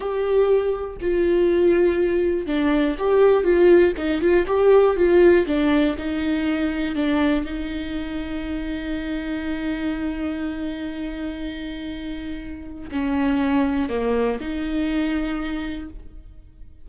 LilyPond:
\new Staff \with { instrumentName = "viola" } { \time 4/4 \tempo 4 = 121 g'2 f'2~ | f'4 d'4 g'4 f'4 | dis'8 f'8 g'4 f'4 d'4 | dis'2 d'4 dis'4~ |
dis'1~ | dis'1~ | dis'2 cis'2 | ais4 dis'2. | }